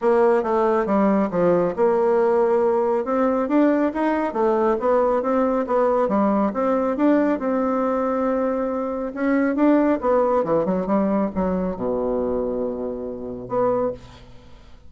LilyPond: \new Staff \with { instrumentName = "bassoon" } { \time 4/4 \tempo 4 = 138 ais4 a4 g4 f4 | ais2. c'4 | d'4 dis'4 a4 b4 | c'4 b4 g4 c'4 |
d'4 c'2.~ | c'4 cis'4 d'4 b4 | e8 fis8 g4 fis4 b,4~ | b,2. b4 | }